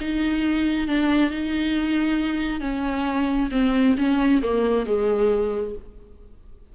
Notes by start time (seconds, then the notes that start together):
0.00 D#4
0.87 D4
1.30 D#4
2.60 C#4
3.51 C4
3.97 C#4
4.42 A#3
4.86 G#3